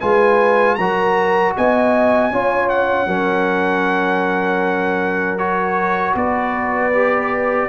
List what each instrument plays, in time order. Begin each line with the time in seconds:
0.00 tuba G#3, trombone F4, horn B4, trumpet G#5
0.76 tuba F#3, trombone F#4, horn A#4, trumpet A#5
1.57 tuba B3, horn D#5, trumpet G#5
2.31 tuba C#4, trombone F4, horn C#5
2.69 trumpet F#5
3.07 tuba F#3, trombone C#4, horn A#4
5.38 trombone F#4, trumpet C#5
6.15 tuba B3, horn B4, trumpet D5
6.93 trombone G4